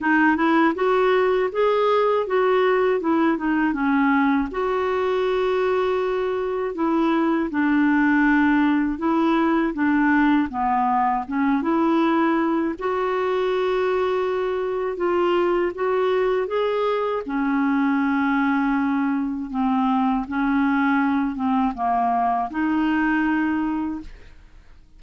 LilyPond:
\new Staff \with { instrumentName = "clarinet" } { \time 4/4 \tempo 4 = 80 dis'8 e'8 fis'4 gis'4 fis'4 | e'8 dis'8 cis'4 fis'2~ | fis'4 e'4 d'2 | e'4 d'4 b4 cis'8 e'8~ |
e'4 fis'2. | f'4 fis'4 gis'4 cis'4~ | cis'2 c'4 cis'4~ | cis'8 c'8 ais4 dis'2 | }